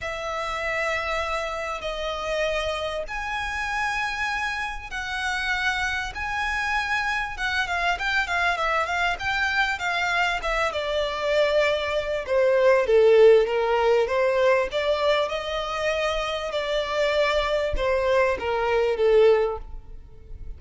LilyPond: \new Staff \with { instrumentName = "violin" } { \time 4/4 \tempo 4 = 98 e''2. dis''4~ | dis''4 gis''2. | fis''2 gis''2 | fis''8 f''8 g''8 f''8 e''8 f''8 g''4 |
f''4 e''8 d''2~ d''8 | c''4 a'4 ais'4 c''4 | d''4 dis''2 d''4~ | d''4 c''4 ais'4 a'4 | }